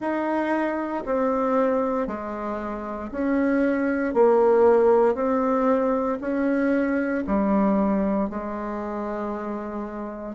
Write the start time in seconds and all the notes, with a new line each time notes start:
0.00 D#4
1.05 C4
2.07 G#3
3.11 C#4
4.14 A#3
5.14 C4
6.20 C#4
7.26 G3
8.29 G#3